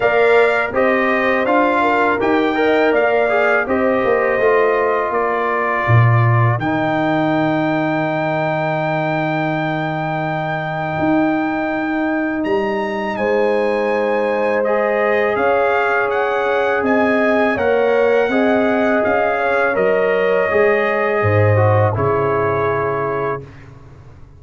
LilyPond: <<
  \new Staff \with { instrumentName = "trumpet" } { \time 4/4 \tempo 4 = 82 f''4 dis''4 f''4 g''4 | f''4 dis''2 d''4~ | d''4 g''2.~ | g''1~ |
g''4 ais''4 gis''2 | dis''4 f''4 fis''4 gis''4 | fis''2 f''4 dis''4~ | dis''2 cis''2 | }
  \new Staff \with { instrumentName = "horn" } { \time 4/4 d''4 c''4. ais'4 dis''8 | d''4 c''2 ais'4~ | ais'1~ | ais'1~ |
ais'2 c''2~ | c''4 cis''2 dis''4 | cis''4 dis''4. cis''4.~ | cis''4 c''4 gis'2 | }
  \new Staff \with { instrumentName = "trombone" } { \time 4/4 ais'4 g'4 f'4 g'8 ais'8~ | ais'8 gis'8 g'4 f'2~ | f'4 dis'2.~ | dis'1~ |
dis'1 | gis'1 | ais'4 gis'2 ais'4 | gis'4. fis'8 e'2 | }
  \new Staff \with { instrumentName = "tuba" } { \time 4/4 ais4 c'4 d'4 dis'4 | ais4 c'8 ais8 a4 ais4 | ais,4 dis2.~ | dis2. dis'4~ |
dis'4 g4 gis2~ | gis4 cis'2 c'4 | ais4 c'4 cis'4 fis4 | gis4 gis,4 cis2 | }
>>